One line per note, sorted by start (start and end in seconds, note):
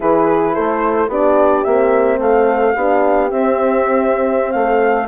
0.00 0.57 E3
0.00 1.09 E4
0.00 0.54 G#4
0.00 0.54 B4
0.54 1.08 A3
0.54 1.09 A4
0.54 1.09 C5
1.08 1.63 B3
1.08 1.65 D4
1.08 2.19 G4
1.08 1.63 D5
1.63 2.19 A#3
1.63 2.76 C4
1.63 2.18 E5
2.19 2.74 A3
2.19 2.75 A4
2.19 3.30 F5
2.75 3.31 B3
2.75 3.29 D4
2.75 4.54 G4
3.29 5.08 C4
3.29 4.54 C4
3.29 4.51 E5
4.51 5.08 A3
4.51 5.08 A4
4.51 5.06 F5